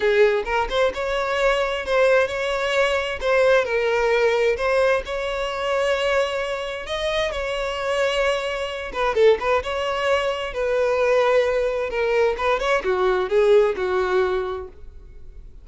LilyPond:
\new Staff \with { instrumentName = "violin" } { \time 4/4 \tempo 4 = 131 gis'4 ais'8 c''8 cis''2 | c''4 cis''2 c''4 | ais'2 c''4 cis''4~ | cis''2. dis''4 |
cis''2.~ cis''8 b'8 | a'8 b'8 cis''2 b'4~ | b'2 ais'4 b'8 cis''8 | fis'4 gis'4 fis'2 | }